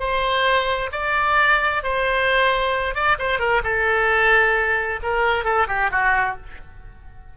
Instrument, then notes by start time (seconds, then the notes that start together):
oboe
0.00 C5
0.93 D5
1.83 C5
2.95 D5
3.19 C5
3.39 A#4
3.64 A4
5.03 A#4
5.45 A4
5.68 G4
5.92 F#4